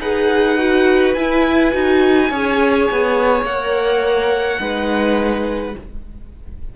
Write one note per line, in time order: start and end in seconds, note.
0.00 1.15 D#4
0.00 0.58 G#4
0.00 2.30 B4
0.00 1.14 F#5
0.58 1.16 F#4
1.14 1.73 E4
1.14 1.72 E4
1.14 3.45 G#5
1.72 2.31 D#4
1.72 2.29 F#4
2.30 2.89 C#4
2.30 3.46 G#4
2.30 4.60 C#5
2.92 3.43 B3
3.43 4.59 A#3
3.43 4.60 A#4
3.43 5.76 F#5
4.60 5.75 G#3
4.60 5.75 D#4
4.60 5.76 B4